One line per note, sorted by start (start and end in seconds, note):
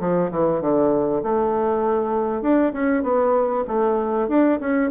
0.00 0.31 F3
0.31 0.61 E3
0.61 1.22 D3
1.23 2.42 A3
2.42 2.72 D4
2.73 3.03 C#4
3.03 3.65 B3
3.68 4.29 A3
4.29 4.59 D4
4.61 4.91 C#4